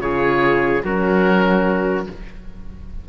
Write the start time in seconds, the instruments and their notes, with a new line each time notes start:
0.00 cello C#3, horn F4, trumpet G#4, oboe C#5
0.84 cello F#3, horn C#4, trumpet F#4, oboe A#4